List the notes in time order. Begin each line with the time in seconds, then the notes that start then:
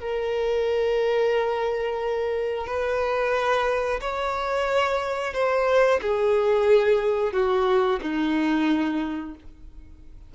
0.00 A#4
2.67 B4
4.01 C#5
5.33 C5
6.02 G#4
7.33 F#4
8.02 D#4